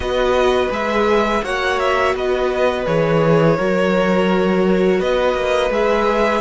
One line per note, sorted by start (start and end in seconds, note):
0.00 0.67 B3
0.00 0.69 F#4
0.00 1.43 B4
0.00 0.70 D#5
0.69 1.42 G#3
0.69 1.41 G#4
0.69 1.44 E5
1.43 2.14 A#3
1.43 2.85 F#4
1.43 2.15 C#5
1.43 1.79 F#5
1.79 2.15 E5
2.14 2.86 B3
2.14 3.56 B4
2.14 2.86 D#5
2.85 3.58 E3
2.85 3.56 G#4
2.85 5.00 C#5
3.56 5.00 F#3
3.56 5.71 F#4
3.56 4.99 A#4
4.99 5.34 B3
4.99 6.41 B4
4.99 5.71 D#5
5.34 5.69 A#3
5.69 6.41 G#3
5.69 6.41 G#4
5.69 6.41 E5